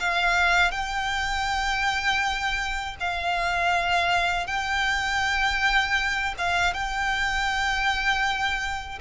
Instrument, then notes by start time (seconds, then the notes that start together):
violin
0.00 F5
0.71 G5
3.00 F5
4.47 G5
6.38 F5
6.74 G5